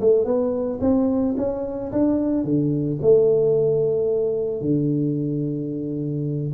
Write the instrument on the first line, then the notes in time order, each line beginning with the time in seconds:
tuba
0.00 A3
0.24 B3
0.80 C4
1.37 C#4
1.92 D4
2.44 D3
3.01 A3
4.61 D3